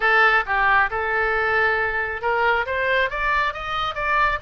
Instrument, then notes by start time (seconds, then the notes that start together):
oboe
0.00 A4
0.46 G4
0.90 A4
2.21 A#4
2.66 C5
3.10 D5
3.53 D#5
3.94 D5